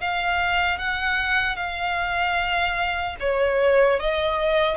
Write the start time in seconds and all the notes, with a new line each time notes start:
0.00 F5
0.78 F#5
1.56 F5
3.20 C#5
4.00 D#5